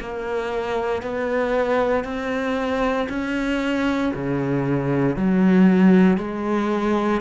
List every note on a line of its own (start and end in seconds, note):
0.00 1.02 A#3
1.02 2.04 B3
2.04 3.08 C4
3.09 4.12 C#4
4.13 5.16 C#3
5.16 6.17 F#3
6.17 7.21 G#3